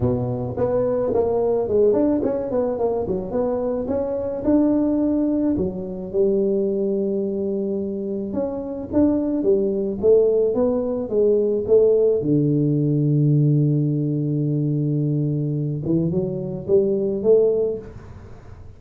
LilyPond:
\new Staff \with { instrumentName = "tuba" } { \time 4/4 \tempo 4 = 108 b,4 b4 ais4 gis8 d'8 | cis'8 b8 ais8 fis8 b4 cis'4 | d'2 fis4 g4~ | g2. cis'4 |
d'4 g4 a4 b4 | gis4 a4 d2~ | d1~ | d8 e8 fis4 g4 a4 | }